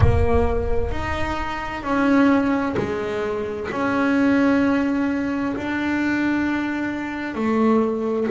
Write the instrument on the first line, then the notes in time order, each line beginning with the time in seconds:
double bass
0.00 A#3
0.91 D#4
1.83 C#4
2.77 G#3
3.71 C#4
5.56 D4
7.34 A3